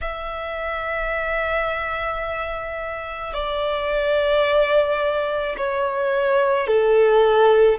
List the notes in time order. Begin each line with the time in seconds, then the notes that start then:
0.01 E5
3.33 D5
5.57 C#5
6.67 A4